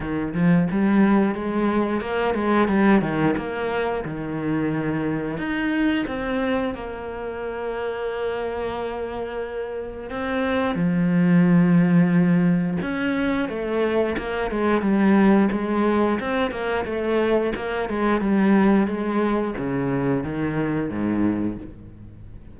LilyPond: \new Staff \with { instrumentName = "cello" } { \time 4/4 \tempo 4 = 89 dis8 f8 g4 gis4 ais8 gis8 | g8 dis8 ais4 dis2 | dis'4 c'4 ais2~ | ais2. c'4 |
f2. cis'4 | a4 ais8 gis8 g4 gis4 | c'8 ais8 a4 ais8 gis8 g4 | gis4 cis4 dis4 gis,4 | }